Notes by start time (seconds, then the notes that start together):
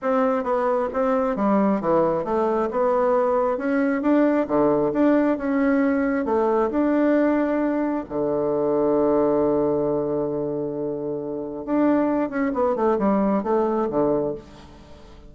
0.02 C4
0.43 B3
0.93 C4
1.36 G3
1.80 E3
2.24 A3
2.70 B3
3.57 C#4
4.02 D4
4.47 D3
4.93 D4
5.37 C#4
6.25 A3
6.70 D4
8.09 D3
11.65 D4
12.29 C#4
12.53 B3
12.75 A3
12.98 G3
13.43 A3
13.90 D3